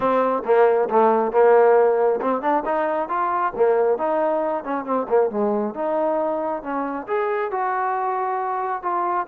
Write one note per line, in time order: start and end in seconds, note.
0.00 0.43 C4
0.44 0.88 A#3
0.89 1.31 A3
1.31 2.20 A#3
2.21 2.41 C4
2.41 2.63 D4
2.65 3.08 D#4
3.08 3.53 F4
3.55 3.97 A#3
3.97 4.63 D#4
4.63 4.84 C#4
4.84 5.06 C4
5.09 5.30 A#3
5.30 5.74 G#3
5.74 6.62 D#4
6.62 7.06 C#4
7.07 7.51 G#4
7.51 8.82 F#4
8.82 9.26 F4